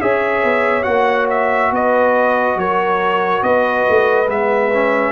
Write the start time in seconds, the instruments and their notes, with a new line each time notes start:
0.00 tuba C#4, trombone G#4, horn C#5, trumpet E5
0.43 tuba B3
0.83 tuba A#3, trombone F#4, trumpet F#5
1.30 trumpet E5
1.71 tuba B3, horn B4, trumpet D#5
2.56 tuba F#3, horn A#4, trumpet C#5
3.42 tuba B3, horn B4, trumpet D#5
3.89 tuba A3
4.28 tuba G#3, trombone B3, trumpet E5
4.73 trombone C#4